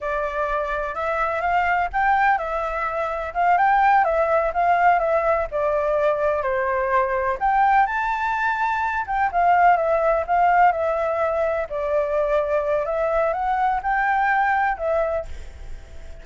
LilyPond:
\new Staff \with { instrumentName = "flute" } { \time 4/4 \tempo 4 = 126 d''2 e''4 f''4 | g''4 e''2 f''8 g''8~ | g''8 e''4 f''4 e''4 d''8~ | d''4. c''2 g''8~ |
g''8 a''2~ a''8 g''8 f''8~ | f''8 e''4 f''4 e''4.~ | e''8 d''2~ d''8 e''4 | fis''4 g''2 e''4 | }